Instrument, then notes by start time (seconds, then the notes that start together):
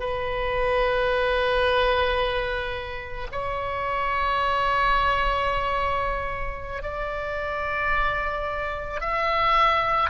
oboe
0.00 B4
3.32 C#5
6.83 D5
9.00 E5